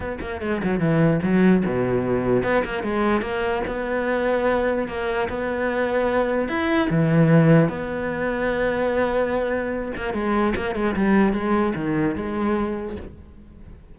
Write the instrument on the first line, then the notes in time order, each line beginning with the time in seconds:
cello
0.00 B3
0.20 A#3
0.41 G#3
0.63 F#3
0.79 E3
1.23 F#3
1.65 B2
2.43 B3
2.64 A#3
2.83 G#3
3.21 A#3
3.67 B3
4.87 A#3
5.29 B3
6.48 E4
6.89 E3
7.69 B3
9.96 A#3
10.13 G#3
10.56 A#3
10.75 G#3
10.96 G3
11.33 G#3
11.75 D#3
12.15 G#3